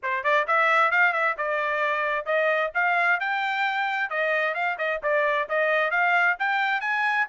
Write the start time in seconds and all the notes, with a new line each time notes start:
0.02 C5
0.23 D5
0.47 E5
0.91 F5
1.12 E5
1.37 D5
2.25 D#5
2.74 F5
3.19 G5
4.10 D#5
4.54 F5
4.77 D#5
5.02 D5
5.49 D#5
5.90 F5
6.39 G5
6.81 G#5